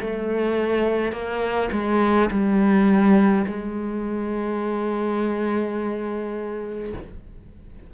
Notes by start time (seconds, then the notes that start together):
0.00 A3
1.12 A#3
1.72 G#3
2.30 G3
3.47 G#3